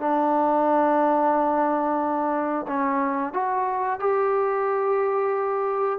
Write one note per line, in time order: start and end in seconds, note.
0.00 2.67 D4
2.68 3.34 C#4
3.34 4.00 F#4
4.00 5.99 G4